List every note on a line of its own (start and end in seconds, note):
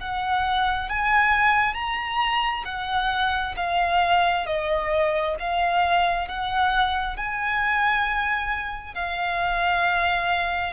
0.00 0.89 F#5
0.89 1.74 G#5
1.74 2.63 A#5
2.65 3.55 F#5
3.57 4.46 F5
4.46 5.36 D#5
5.39 6.28 F5
6.28 7.16 F#5
7.16 8.94 G#5
8.94 10.73 F5